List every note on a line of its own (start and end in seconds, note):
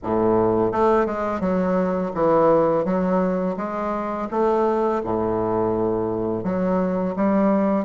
0.03 0.72 A2
0.72 1.06 A3
1.06 1.40 G#3
1.40 2.11 F#3
2.14 2.84 E3
2.84 3.56 F#3
3.56 4.28 G#3
4.31 5.02 A3
5.03 6.43 A2
6.43 7.15 F#3
7.16 7.84 G3